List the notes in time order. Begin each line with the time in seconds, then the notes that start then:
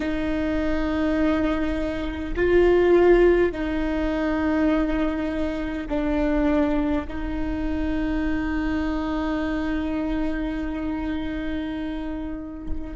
0.00 D#4
2.36 F4
3.52 D#4
5.89 D4
7.07 D#4